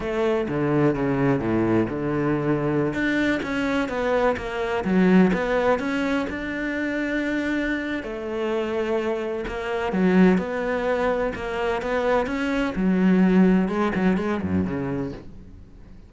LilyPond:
\new Staff \with { instrumentName = "cello" } { \time 4/4 \tempo 4 = 127 a4 d4 cis4 a,4 | d2~ d16 d'4 cis'8.~ | cis'16 b4 ais4 fis4 b8.~ | b16 cis'4 d'2~ d'8.~ |
d'4 a2. | ais4 fis4 b2 | ais4 b4 cis'4 fis4~ | fis4 gis8 fis8 gis8 fis,8 cis4 | }